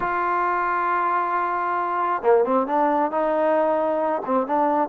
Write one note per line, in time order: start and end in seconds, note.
0.00 2.22 F4
2.22 2.44 A#3
2.44 2.66 C4
2.66 3.11 D4
3.11 4.22 D#4
4.25 4.46 C4
4.46 4.89 D4